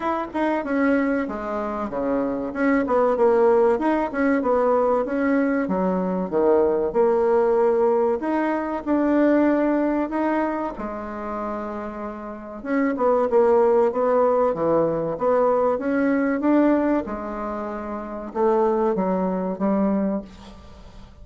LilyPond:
\new Staff \with { instrumentName = "bassoon" } { \time 4/4 \tempo 4 = 95 e'8 dis'8 cis'4 gis4 cis4 | cis'8 b8 ais4 dis'8 cis'8 b4 | cis'4 fis4 dis4 ais4~ | ais4 dis'4 d'2 |
dis'4 gis2. | cis'8 b8 ais4 b4 e4 | b4 cis'4 d'4 gis4~ | gis4 a4 fis4 g4 | }